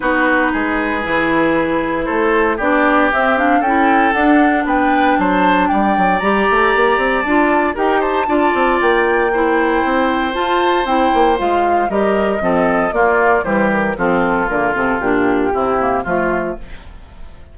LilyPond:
<<
  \new Staff \with { instrumentName = "flute" } { \time 4/4 \tempo 4 = 116 b'1 | c''4 d''4 e''8 f''8 g''4 | fis''4 g''4 a''4 g''4 | ais''2 a''4 g''8 a''8~ |
a''4 g''2. | a''4 g''4 f''4 dis''4~ | dis''4 d''4 c''8 ais'8 a'4 | ais'8 a'8 g'2 f'4 | }
  \new Staff \with { instrumentName = "oboe" } { \time 4/4 fis'4 gis'2. | a'4 g'2 a'4~ | a'4 b'4 c''4 d''4~ | d''2. ais'8 c''8 |
d''2 c''2~ | c''2. ais'4 | a'4 f'4 g'4 f'4~ | f'2 e'4 f'4 | }
  \new Staff \with { instrumentName = "clarinet" } { \time 4/4 dis'2 e'2~ | e'4 d'4 c'8 d'8 e'4 | d'1 | g'2 f'4 g'4 |
f'2 e'2 | f'4 e'4 f'4 g'4 | c'4 ais4 g4 c'4 | ais8 c'8 d'4 c'8 ais8 a4 | }
  \new Staff \with { instrumentName = "bassoon" } { \time 4/4 b4 gis4 e2 | a4 b4 c'4 cis'4 | d'4 b4 fis4 g8 fis8 | g8 a8 ais8 c'8 d'4 dis'4 |
d'8 c'8 ais2 c'4 | f'4 c'8 ais8 gis4 g4 | f4 ais4 e4 f4 | d8 c8 ais,4 c4 f4 | }
>>